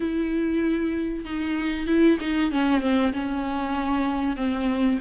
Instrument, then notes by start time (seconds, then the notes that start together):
viola
0.00 E4
1.24 D#4
1.86 E4
2.20 D#4
2.51 C#4
2.81 C4
3.12 C#4
4.36 C4